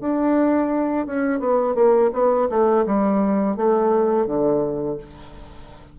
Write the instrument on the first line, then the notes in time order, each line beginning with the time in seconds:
bassoon
0.00 D4
1.06 C#4
1.39 B3
1.74 A#3
2.12 B3
2.49 A3
2.85 G3
3.56 A3
4.26 D3